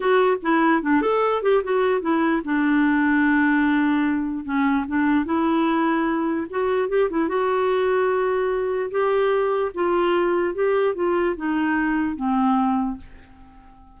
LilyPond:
\new Staff \with { instrumentName = "clarinet" } { \time 4/4 \tempo 4 = 148 fis'4 e'4 d'8 a'4 g'8 | fis'4 e'4 d'2~ | d'2. cis'4 | d'4 e'2. |
fis'4 g'8 e'8 fis'2~ | fis'2 g'2 | f'2 g'4 f'4 | dis'2 c'2 | }